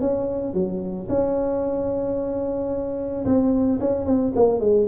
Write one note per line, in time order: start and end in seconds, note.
0.00 0.53 C#4
0.53 1.07 F#3
1.08 3.25 C#4
3.25 3.79 C4
3.80 4.05 C#4
4.05 4.32 C4
4.35 4.60 A#3
4.60 4.87 G#3